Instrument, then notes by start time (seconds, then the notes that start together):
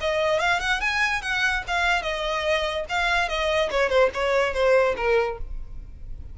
violin
0.00 D#5
0.39 F5
0.59 F#5
0.80 G#5
1.21 F#5
1.67 F5
2.02 D#5
2.89 F5
3.28 D#5
3.70 C#5
3.89 C5
4.13 C#5
4.53 C5
4.96 A#4